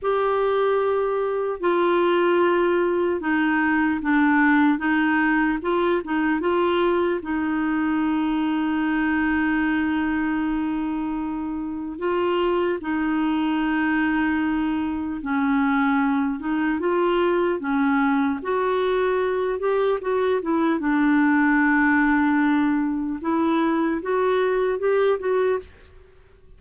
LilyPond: \new Staff \with { instrumentName = "clarinet" } { \time 4/4 \tempo 4 = 75 g'2 f'2 | dis'4 d'4 dis'4 f'8 dis'8 | f'4 dis'2.~ | dis'2. f'4 |
dis'2. cis'4~ | cis'8 dis'8 f'4 cis'4 fis'4~ | fis'8 g'8 fis'8 e'8 d'2~ | d'4 e'4 fis'4 g'8 fis'8 | }